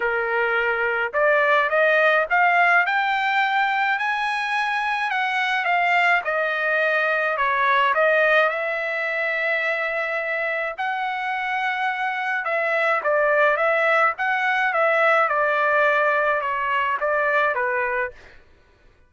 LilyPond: \new Staff \with { instrumentName = "trumpet" } { \time 4/4 \tempo 4 = 106 ais'2 d''4 dis''4 | f''4 g''2 gis''4~ | gis''4 fis''4 f''4 dis''4~ | dis''4 cis''4 dis''4 e''4~ |
e''2. fis''4~ | fis''2 e''4 d''4 | e''4 fis''4 e''4 d''4~ | d''4 cis''4 d''4 b'4 | }